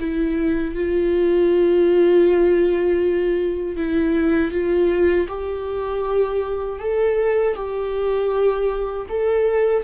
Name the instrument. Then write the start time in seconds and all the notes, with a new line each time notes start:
viola
0.00 E4
0.75 F4
3.77 E4
4.52 F4
5.29 G4
6.79 A4
7.55 G4
9.09 A4